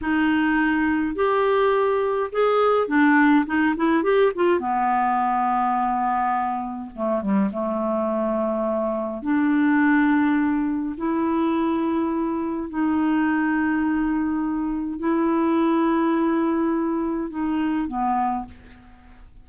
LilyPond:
\new Staff \with { instrumentName = "clarinet" } { \time 4/4 \tempo 4 = 104 dis'2 g'2 | gis'4 d'4 dis'8 e'8 g'8 f'8 | b1 | a8 g8 a2. |
d'2. e'4~ | e'2 dis'2~ | dis'2 e'2~ | e'2 dis'4 b4 | }